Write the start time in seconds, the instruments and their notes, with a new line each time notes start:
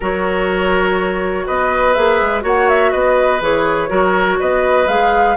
0.00 bassoon F#3, clarinet F#4, oboe A#4, flute C#5
1.46 bassoon B3, oboe B4, flute D#5
1.93 bassoon A#3, clarinet G#4, flute E5
2.21 bassoon G#3
2.41 bassoon A#3, clarinet F#4, oboe C#5, flute F#5
2.68 flute E5
2.91 bassoon B3, oboe B4, flute D#5
3.40 bassoon E3, clarinet G#4, flute C#5
3.88 bassoon F#3, clarinet F#4, oboe A#4
4.39 bassoon B3, oboe B4, flute D#5
4.87 bassoon G#3, clarinet G#4, flute F5